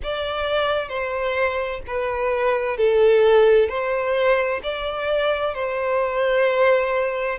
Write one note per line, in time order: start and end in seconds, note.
0.03 0.88 D5
0.88 1.80 C5
1.87 2.77 B4
2.77 3.68 A4
3.68 4.61 C5
4.63 5.54 D5
5.54 7.38 C5